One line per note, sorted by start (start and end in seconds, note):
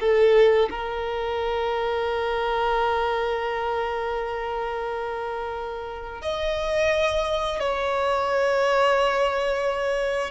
0.00 0.69 A4
0.70 6.22 A#4
6.22 7.60 D#5
7.60 10.31 C#5